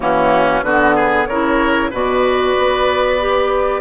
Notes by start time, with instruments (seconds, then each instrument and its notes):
0.00 bassoon E3, clarinet A#3, oboe C#4, flute F#4
0.62 bassoon D3, clarinet B3, oboe F#4, flute B4
0.95 oboe G#4
1.26 bassoon C#3, clarinet E4, oboe A#4, flute C#5
1.90 bassoon B2, clarinet F#4, oboe B4, flute D5
2.57 bassoon B3
3.19 clarinet G4